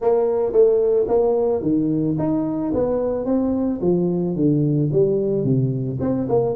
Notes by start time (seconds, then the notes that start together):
0.01 A#3
0.52 A3
1.08 A#3
1.62 D#3
2.18 D#4
2.74 B3
3.25 C4
3.81 F3
4.35 D3
4.92 G3
5.43 C3
6.00 C4
6.28 A#3